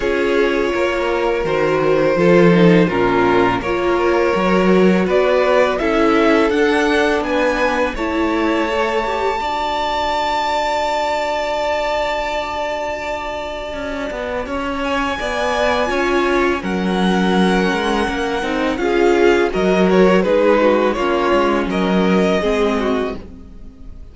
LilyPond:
<<
  \new Staff \with { instrumentName = "violin" } { \time 4/4 \tempo 4 = 83 cis''2 c''2 | ais'4 cis''2 d''4 | e''4 fis''4 gis''4 a''4~ | a''1~ |
a''1~ | a''8 gis''2~ gis''8 fis''4~ | fis''2 f''4 dis''8 cis''8 | b'4 cis''4 dis''2 | }
  \new Staff \with { instrumentName = "violin" } { \time 4/4 gis'4 ais'2 a'4 | f'4 ais'2 b'4 | a'2 b'4 cis''4~ | cis''4 d''2.~ |
d''1 | cis''4 d''4 cis''4 ais'4~ | ais'2 gis'4 ais'4 | gis'8 fis'8 f'4 ais'4 gis'8 fis'8 | }
  \new Staff \with { instrumentName = "viola" } { \time 4/4 f'2 fis'4 f'8 dis'8 | cis'4 f'4 fis'2 | e'4 d'2 e'4 | a'8 g'8 fis'2.~ |
fis'1~ | fis'2 f'4 cis'4~ | cis'4. dis'8 f'4 fis'4 | dis'4 cis'2 c'4 | }
  \new Staff \with { instrumentName = "cello" } { \time 4/4 cis'4 ais4 dis4 f4 | ais,4 ais4 fis4 b4 | cis'4 d'4 b4 a4~ | a4 d'2.~ |
d'2. cis'8 b8 | cis'4 b4 cis'4 fis4~ | fis8 gis8 ais8 c'8 cis'4 fis4 | gis4 ais8 gis8 fis4 gis4 | }
>>